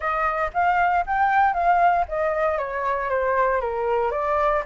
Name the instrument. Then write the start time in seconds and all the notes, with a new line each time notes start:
flute
0.00 D#5
0.53 F5
1.06 G5
1.53 F5
2.08 D#5
2.57 C#5
3.09 C5
3.60 A#4
4.11 D5